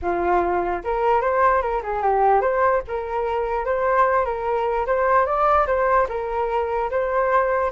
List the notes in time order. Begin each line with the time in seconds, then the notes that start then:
0.01 F4
0.83 A#4
1.21 C5
1.61 A#4
1.82 G#4
2.02 G4
2.41 C5
2.87 A#4
3.65 C5
4.25 A#4
4.86 C5
5.26 D5
5.66 C5
6.08 A#4
6.90 C5